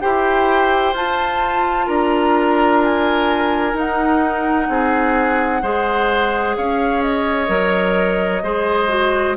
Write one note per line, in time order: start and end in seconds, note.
0.00 0.93 E4
0.00 0.95 G4
0.00 1.86 C5
0.00 0.94 G5
0.93 1.86 F4
0.93 3.74 F4
0.93 1.88 A5
1.86 3.74 D4
1.86 4.67 A#4
1.86 2.82 A#5
2.83 3.77 G#5
3.74 4.67 D#4
3.74 5.61 D#4
3.74 6.57 F#5
4.68 5.62 C4
4.68 5.62 G#4
5.62 6.56 G#3
5.62 7.47 G#4
5.62 6.56 C5
6.57 7.49 C#4
6.57 8.43 C#5
6.57 7.02 F5
7.02 9.36 D#5
7.47 8.42 F#3
7.47 8.41 A#4
8.43 9.36 G#3
8.43 8.88 G#4
8.43 9.36 C5
8.88 9.35 F#4